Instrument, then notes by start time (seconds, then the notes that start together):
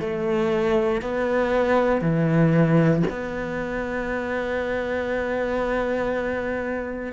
cello
0.00 A3
1.01 B3
2.01 E3
3.10 B3